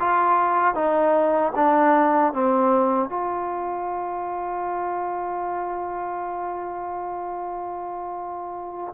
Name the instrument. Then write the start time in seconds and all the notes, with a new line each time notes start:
trombone
0.00 F4
0.75 D#4
1.55 D4
2.33 C4
3.10 F4